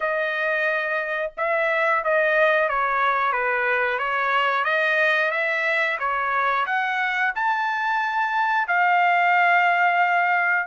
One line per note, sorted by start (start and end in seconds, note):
0.00 1.32 D#5
1.37 2.03 E5
2.03 2.68 D#5
2.68 3.32 C#5
3.32 3.98 B4
3.98 4.64 C#5
4.64 5.31 D#5
5.31 5.98 E5
5.98 6.65 C#5
6.66 7.32 F#5
7.35 8.67 A5
8.67 10.66 F5